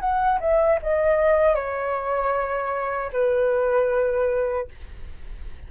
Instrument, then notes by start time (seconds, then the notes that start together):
flute
0.00 F#5
0.40 E5
0.82 D#5
1.55 C#5
3.12 B4